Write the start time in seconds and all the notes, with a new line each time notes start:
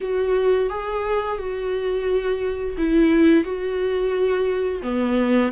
0.00 F#4
0.69 G#4
1.38 F#4
2.77 E4
3.44 F#4
4.82 B3